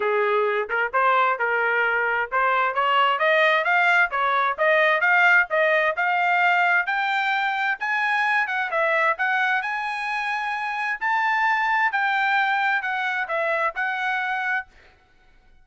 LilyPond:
\new Staff \with { instrumentName = "trumpet" } { \time 4/4 \tempo 4 = 131 gis'4. ais'8 c''4 ais'4~ | ais'4 c''4 cis''4 dis''4 | f''4 cis''4 dis''4 f''4 | dis''4 f''2 g''4~ |
g''4 gis''4. fis''8 e''4 | fis''4 gis''2. | a''2 g''2 | fis''4 e''4 fis''2 | }